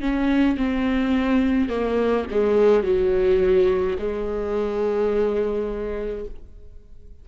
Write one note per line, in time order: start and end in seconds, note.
0.00 0.57 C#4
0.57 1.69 C4
1.69 2.25 A#3
2.30 2.83 G#3
2.83 3.96 F#3
3.98 6.25 G#3